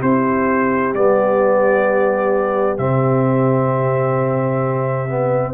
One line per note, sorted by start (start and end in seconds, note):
0.00 0.93 C4
0.00 0.95 E4
0.00 5.54 G4
0.00 0.94 C5
0.93 2.78 G3
0.93 2.77 B3
0.93 2.77 D5
2.77 5.54 C3
2.77 5.08 C4
2.77 5.54 E5
5.08 5.54 B3